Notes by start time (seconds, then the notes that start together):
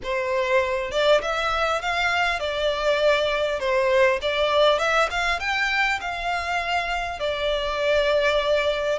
0.03 C5
0.91 D5
1.21 E5
1.81 F5
2.39 D5
3.59 C5
4.21 D5
4.78 E5
5.10 F5
5.39 G5
6.01 F5
7.19 D5